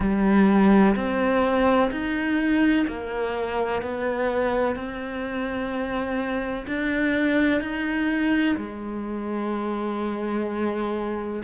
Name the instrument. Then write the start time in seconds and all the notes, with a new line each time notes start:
cello
0.00 G3
0.95 C4
1.91 D#4
2.87 A#3
3.82 B3
4.75 C4
6.67 D4
7.60 D#4
8.57 G#3